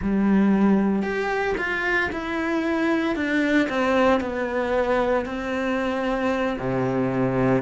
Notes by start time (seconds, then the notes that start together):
0.01 G3
1.02 G4
1.57 F4
2.12 E4
3.15 D4
3.68 C4
4.20 B3
5.25 C4
6.58 C3